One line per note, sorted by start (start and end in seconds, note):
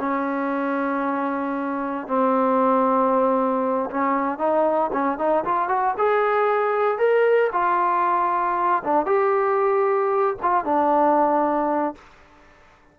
0.00 2.08 C#4
2.08 3.90 C4
3.90 4.39 C#4
4.39 4.91 D#4
4.93 5.19 C#4
5.19 5.45 D#4
5.45 5.69 F4
5.69 5.95 F#4
5.98 6.99 G#4
6.99 7.51 A#4
7.53 8.83 F4
8.84 9.06 D4
9.06 10.37 G4
10.43 10.65 F4
10.65 11.95 D4